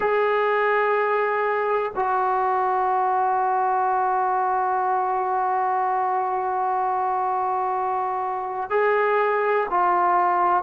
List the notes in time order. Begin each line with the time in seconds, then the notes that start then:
0.00 G#4
1.95 F#4
8.70 G#4
9.70 F4